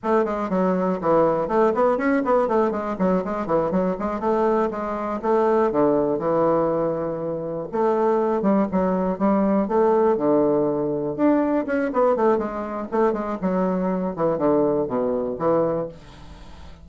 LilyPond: \new Staff \with { instrumentName = "bassoon" } { \time 4/4 \tempo 4 = 121 a8 gis8 fis4 e4 a8 b8 | cis'8 b8 a8 gis8 fis8 gis8 e8 fis8 | gis8 a4 gis4 a4 d8~ | d8 e2. a8~ |
a4 g8 fis4 g4 a8~ | a8 d2 d'4 cis'8 | b8 a8 gis4 a8 gis8 fis4~ | fis8 e8 d4 b,4 e4 | }